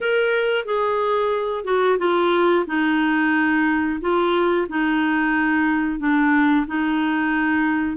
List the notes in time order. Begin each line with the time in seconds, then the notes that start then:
0.00 A#4
0.65 G#4
1.64 F#4
1.98 F4
2.66 D#4
4.00 F4
4.68 D#4
5.99 D4
6.67 D#4